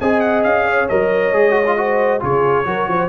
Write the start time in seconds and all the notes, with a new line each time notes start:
0.00 C4 G#4 D#5 G#5
0.20 F#5
0.43 C#4 F5
0.66 C#5
0.88 F#3 A#4 D#5
1.33 G#3 G#4
1.51 F#4
1.66 F4
1.77 F#4 C5
2.20 C#3 F4 G#4 C#5
2.64 F#3 F#4 A#4
2.88 F3 C5